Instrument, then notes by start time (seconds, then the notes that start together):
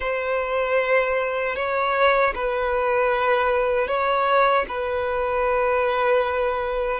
violin
0.00 C5
1.55 C#5
2.34 B4
3.87 C#5
4.68 B4